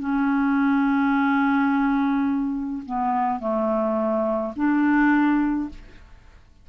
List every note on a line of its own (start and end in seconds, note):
0.00 2.83 C#4
2.86 3.40 B3
3.40 4.53 A3
4.57 5.70 D4